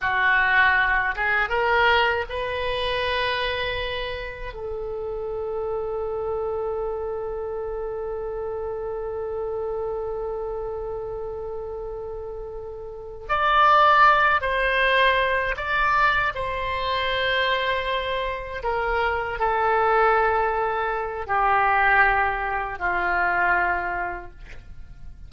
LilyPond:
\new Staff \with { instrumentName = "oboe" } { \time 4/4 \tempo 4 = 79 fis'4. gis'8 ais'4 b'4~ | b'2 a'2~ | a'1~ | a'1~ |
a'4. d''4. c''4~ | c''8 d''4 c''2~ c''8~ | c''8 ais'4 a'2~ a'8 | g'2 f'2 | }